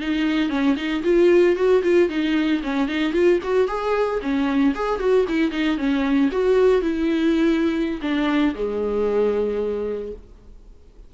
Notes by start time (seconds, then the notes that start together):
0.00 D#4
0.49 C#4
0.76 D#4
1.03 F4
1.56 F#4
1.83 F4
2.09 D#4
2.63 C#4
2.87 D#4
3.12 F4
3.43 F#4
3.67 G#4
4.21 C#4
4.75 G#4
4.99 F#4
5.28 E4
5.51 D#4
5.77 C#4
6.31 F#4
6.81 E4
8.01 D4
8.54 G#3